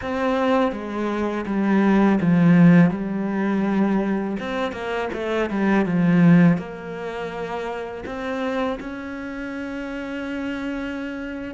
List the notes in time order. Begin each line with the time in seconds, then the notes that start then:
0.01 C4
0.72 G#3
1.46 G3
2.21 F3
2.90 G3
4.39 C4
4.72 A#3
5.13 A3
5.49 G3
5.85 F3
6.57 A#3
8.05 C4
8.80 C#4